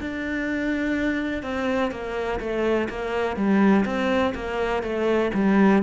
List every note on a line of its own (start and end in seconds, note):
0.00 1.43 D4
1.43 1.91 C4
1.91 2.39 A#3
2.40 2.88 A3
2.89 3.36 A#3
3.36 3.84 G3
3.84 4.33 C4
4.35 4.83 A#3
4.83 5.31 A3
5.34 5.82 G3